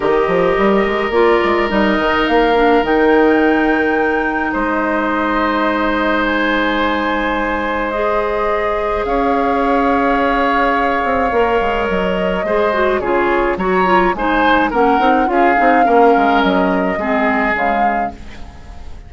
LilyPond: <<
  \new Staff \with { instrumentName = "flute" } { \time 4/4 \tempo 4 = 106 dis''2 d''4 dis''4 | f''4 g''2. | dis''2. gis''4~ | gis''2 dis''2 |
f''1~ | f''4 dis''2 cis''4 | ais''4 gis''4 fis''4 f''4~ | f''4 dis''2 f''4 | }
  \new Staff \with { instrumentName = "oboe" } { \time 4/4 ais'1~ | ais'1 | c''1~ | c''1 |
cis''1~ | cis''2 c''4 gis'4 | cis''4 c''4 ais'4 gis'4 | ais'2 gis'2 | }
  \new Staff \with { instrumentName = "clarinet" } { \time 4/4 g'2 f'4 dis'4~ | dis'8 d'8 dis'2.~ | dis'1~ | dis'2 gis'2~ |
gis'1 | ais'2 gis'8 fis'8 f'4 | fis'8 f'8 dis'4 cis'8 dis'8 f'8 dis'8 | cis'2 c'4 gis4 | }
  \new Staff \with { instrumentName = "bassoon" } { \time 4/4 dis8 f8 g8 gis8 ais8 gis8 g8 dis8 | ais4 dis2. | gis1~ | gis1 |
cis'2.~ cis'8 c'8 | ais8 gis8 fis4 gis4 cis4 | fis4 gis4 ais8 c'8 cis'8 c'8 | ais8 gis8 fis4 gis4 cis4 | }
>>